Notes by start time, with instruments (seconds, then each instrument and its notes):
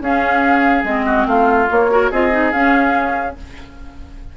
0.00 bassoon C#4, clarinet C#4, oboe G#4, flute F5
0.83 bassoon G#3, clarinet C4, flute D#5
1.05 oboe F#4
1.26 bassoon A3, oboe F4, flute F5
1.70 clarinet A#3, bassoon A#3, flute C#5
1.91 clarinet F#4, oboe A#4
2.10 bassoon C4, clarinet F4, oboe G#4, flute D#5
2.31 clarinet D#4
2.52 clarinet C#4, bassoon C#4, flute F5